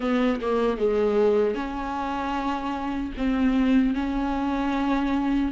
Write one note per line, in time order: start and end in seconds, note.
0.00 0.39 B3
0.41 0.77 A#3
0.77 1.54 G#3
1.54 3.12 C#4
3.17 3.94 C4
3.94 5.52 C#4